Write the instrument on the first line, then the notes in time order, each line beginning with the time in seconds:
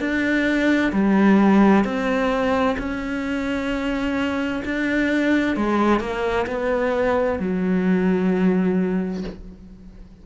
cello
0.00 D4
0.92 G3
1.84 C4
2.78 C#4
4.65 D4
5.56 G#3
6.00 A#3
6.47 B3
7.39 F#3